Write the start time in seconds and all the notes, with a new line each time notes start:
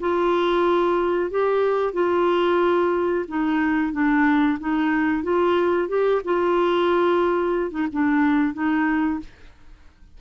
0.00 F4
1.30 G4
1.93 F4
3.28 D#4
3.93 D4
4.59 D#4
5.23 F4
5.89 G4
6.25 F4
7.71 D#4
7.93 D4
8.54 D#4